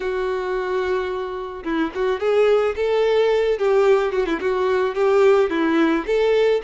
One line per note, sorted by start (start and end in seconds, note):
0.00 1.63 F#4
1.63 1.91 E4
1.94 2.20 F#4
2.20 2.75 G#4
2.75 3.58 A4
3.58 4.12 G4
4.12 4.25 F#4
4.25 4.39 E4
4.40 4.94 F#4
4.94 5.49 G4
5.50 6.05 E4
6.06 6.61 A4